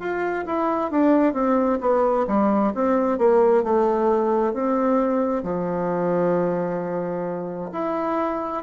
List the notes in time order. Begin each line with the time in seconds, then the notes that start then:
0.00 F4
0.46 E4
0.91 D4
1.34 C4
1.81 B3
2.28 G3
2.75 C4
3.19 A#3
3.64 A3
4.54 C4
5.43 F3
7.73 E4